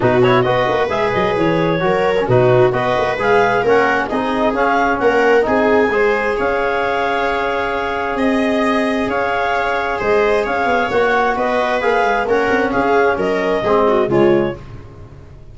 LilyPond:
<<
  \new Staff \with { instrumentName = "clarinet" } { \time 4/4 \tempo 4 = 132 b'8 cis''8 dis''4 e''8 dis''8 cis''4~ | cis''4 b'4 dis''4 f''4 | fis''4 dis''4 f''4 fis''4 | gis''2 f''2~ |
f''2 dis''2 | f''2 dis''4 f''4 | fis''4 dis''4 f''4 fis''4 | f''4 dis''2 cis''4 | }
  \new Staff \with { instrumentName = "viola" } { \time 4/4 fis'4 b'2. | ais'4 fis'4 b'2 | ais'4 gis'2 ais'4 | gis'4 c''4 cis''2~ |
cis''2 dis''2 | cis''2 c''4 cis''4~ | cis''4 b'2 ais'4 | gis'4 ais'4 gis'8 fis'8 f'4 | }
  \new Staff \with { instrumentName = "trombone" } { \time 4/4 dis'8 e'8 fis'4 gis'2 | fis'8. cis'16 dis'4 fis'4 gis'4 | cis'4 dis'4 cis'2 | dis'4 gis'2.~ |
gis'1~ | gis'1 | fis'2 gis'4 cis'4~ | cis'2 c'4 gis4 | }
  \new Staff \with { instrumentName = "tuba" } { \time 4/4 b,4 b8 ais8 gis8 fis8 e4 | fis4 b,4 b8 ais8 gis4 | ais4 c'4 cis'4 ais4 | c'4 gis4 cis'2~ |
cis'2 c'2 | cis'2 gis4 cis'8 b8 | ais4 b4 ais8 gis8 ais8 c'8 | cis'4 fis4 gis4 cis4 | }
>>